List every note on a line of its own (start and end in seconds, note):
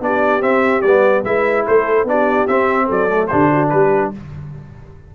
0.00 0.41 B3
0.00 0.41 D4
0.00 1.24 G4
0.00 0.42 D5
0.41 0.82 C4
0.41 0.81 E5
0.81 1.24 G3
0.81 1.24 B3
0.81 1.23 D5
1.24 1.65 G#3
1.24 2.07 E4
1.24 1.65 B4
1.24 1.66 E5
1.67 2.04 A3
1.67 2.09 A4
1.67 2.08 C5
2.04 2.45 B3
2.04 2.48 D4
2.04 2.85 G4
2.04 2.47 D5
2.47 2.89 C4
2.47 3.09 C4
2.47 2.88 E5
2.85 3.31 F#3
2.85 3.26 A4
2.85 3.27 D5
3.09 3.29 A3
3.27 3.72 D3
3.27 4.14 D4
3.27 3.51 G4
3.27 3.68 C5
3.51 3.71 F#4
3.70 4.13 G3
3.70 4.15 G4
3.70 4.11 B4